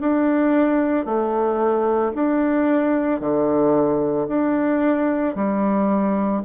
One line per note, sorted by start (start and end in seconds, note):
0.00 1.05 D4
1.05 2.12 A3
2.14 3.20 D4
3.20 4.27 D3
4.28 5.35 D4
5.35 6.42 G3